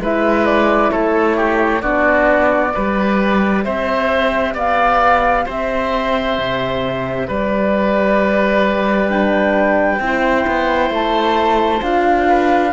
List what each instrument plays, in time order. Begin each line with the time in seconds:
0.00 cello G#3, horn E4, oboe B4, flute E5
0.46 flute D5
0.91 cello A3, oboe A4, flute C#5
1.37 oboe G4
1.82 cello B3, horn D4, oboe F#4, flute D5
2.73 cello G3, horn G4, oboe B4
3.64 cello C4, oboe C5, flute E5
4.54 cello B3, oboe D5, flute F5
5.46 cello C4, oboe C5, flute E5
6.38 cello C3
7.28 cello G3, oboe B4, flute D5
9.09 horn D4, flute G5
10.00 cello C4, horn E4
10.06 oboe C5
10.47 cello B3
10.91 cello A3, flute A5
11.82 cello D4, horn F4, flute F5
12.29 oboe B4